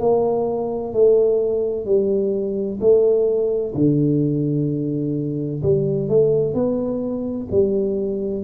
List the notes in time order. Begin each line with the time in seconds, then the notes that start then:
0.00 A#3
0.93 A3
1.85 G3
2.80 A3
3.75 D3
5.63 G3
6.09 A3
6.54 B3
7.51 G3